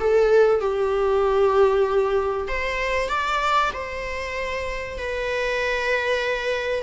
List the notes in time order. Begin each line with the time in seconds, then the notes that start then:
0.00 A4
0.61 G4
2.48 C5
3.09 D5
3.73 C5
4.98 B4